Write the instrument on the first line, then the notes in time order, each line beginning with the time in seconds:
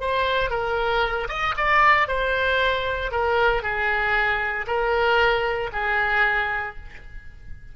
oboe
0.00 C5
0.50 A#4
1.28 D#5
1.57 D5
2.08 C5
3.11 A#4
3.62 G#4
4.67 A#4
5.72 G#4